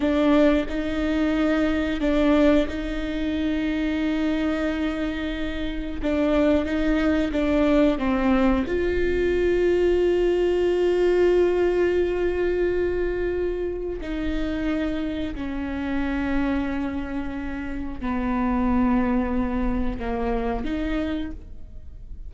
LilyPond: \new Staff \with { instrumentName = "viola" } { \time 4/4 \tempo 4 = 90 d'4 dis'2 d'4 | dis'1~ | dis'4 d'4 dis'4 d'4 | c'4 f'2.~ |
f'1~ | f'4 dis'2 cis'4~ | cis'2. b4~ | b2 ais4 dis'4 | }